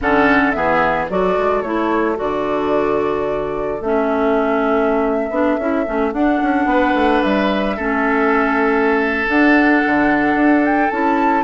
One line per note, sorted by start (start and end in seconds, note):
0.01 0.55 D3
0.01 0.54 C#4
0.01 0.56 A4
0.01 0.51 F#5
0.51 1.09 E3
0.51 1.08 B3
0.51 1.10 G#4
0.51 1.06 E5
1.09 1.37 F#3
1.09 1.64 F#4
1.09 6.68 A4
1.09 1.61 D5
1.38 1.62 G#3
1.61 2.17 A3
1.61 2.15 E4
1.61 2.16 C#5
2.15 3.80 D3
2.15 3.79 F#4
2.15 3.82 D5
3.80 5.29 A3
3.80 5.31 C#4
3.80 6.13 E5
5.29 5.57 B3
5.29 5.58 D4
5.58 5.85 C#4
5.58 5.85 E4
5.85 6.13 A3
5.85 6.12 C#4
6.13 6.40 D4
6.13 7.77 D4
6.13 7.22 F#5
6.42 6.65 C#4
6.65 6.92 B3
6.65 7.76 B4
6.94 7.21 A3
7.22 7.78 G3
7.22 9.26 E5
7.76 9.27 A3
7.76 9.27 C#4
7.76 11.44 A4
9.27 10.90 D4
9.27 9.82 D4
9.27 10.65 F#5
9.85 10.34 D3
10.34 10.89 D4
10.65 10.90 G5
10.90 11.44 C#4
10.90 11.44 E4
10.90 11.44 A5